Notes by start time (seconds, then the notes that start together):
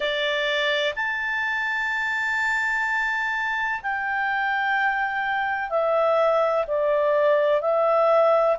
0.00 D5
0.95 A5
3.82 G5
5.69 E5
6.67 D5
7.61 E5